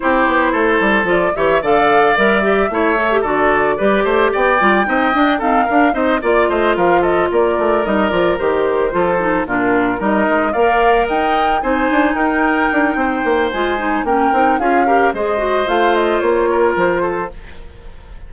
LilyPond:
<<
  \new Staff \with { instrumentName = "flute" } { \time 4/4 \tempo 4 = 111 c''2 d''8 e''8 f''4 | e''2 d''2 | g''2 f''4 dis''8 d''8 | dis''8 f''8 dis''8 d''4 dis''8 d''8 c''8~ |
c''4. ais'4 dis''4 f''8~ | f''8 g''4 gis''4 g''4.~ | g''4 gis''4 g''4 f''4 | dis''4 f''8 dis''8 cis''4 c''4 | }
  \new Staff \with { instrumentName = "oboe" } { \time 4/4 g'4 a'4. cis''8 d''4~ | d''4 cis''4 a'4 b'8 c''8 | d''4 dis''4 a'8 ais'8 c''8 d''8 | c''8 ais'8 a'8 ais'2~ ais'8~ |
ais'8 a'4 f'4 ais'4 d''8~ | d''8 dis''4 c''4 ais'4. | c''2 ais'4 gis'8 ais'8 | c''2~ c''8 ais'4 a'8 | }
  \new Staff \with { instrumentName = "clarinet" } { \time 4/4 e'2 f'8 g'8 a'4 | ais'8 g'8 e'8 a'16 g'16 fis'4 g'4~ | g'8 f'8 dis'8 d'8 c'8 d'8 dis'8 f'8~ | f'2~ f'8 dis'8 f'8 g'8~ |
g'8 f'8 dis'8 d'4 dis'4 ais'8~ | ais'4. dis'2~ dis'8~ | dis'4 f'8 dis'8 cis'8 dis'8 f'8 g'8 | gis'8 fis'8 f'2. | }
  \new Staff \with { instrumentName = "bassoon" } { \time 4/4 c'8 b8 a8 g8 f8 e8 d4 | g4 a4 d4 g8 a8 | b8 g8 c'8 d'8 dis'8 d'8 c'8 ais8 | a8 f4 ais8 a8 g8 f8 dis8~ |
dis8 f4 ais,4 g8 gis8 ais8~ | ais8 dis'4 c'8 d'8 dis'4 d'8 | c'8 ais8 gis4 ais8 c'8 cis'4 | gis4 a4 ais4 f4 | }
>>